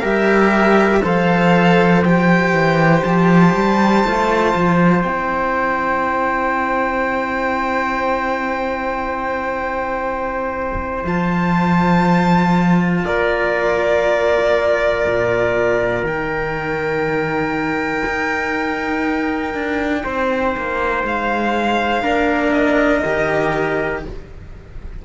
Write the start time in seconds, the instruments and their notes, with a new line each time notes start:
0.00 cello G3 G4, trumpet A#4, violin E5
1.02 cello F3 A4, trumpet C5, violin F5
2.04 cello G4, violin G5
2.52 cello E3
3.03 cello F3, violin A5
3.54 cello G3
4.04 cello A3 F4
4.54 cello F3
5.02 cello C4 E4, violin G5
11.04 cello F3 F4, violin A5
13.05 cello A#3, trumpet A#4, violin D5
15.06 cello A#2
16.03 cello D#3 D#4, violin G5
18.06 cello D#4
19.54 cello D4
20.04 cello C4, trumpet C5
20.57 cello A#3
21.04 cello G#3, violin F5
22.03 cello A#3 D4, trumpet A#4
22.52 violin D#5
23.05 cello D#3 G4